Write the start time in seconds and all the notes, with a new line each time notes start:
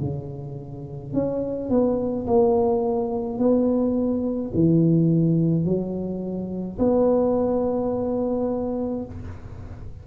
0.00 C#3
1.13 C#4
1.70 B3
2.27 A#3
3.39 B3
4.54 E3
5.65 F#3
6.79 B3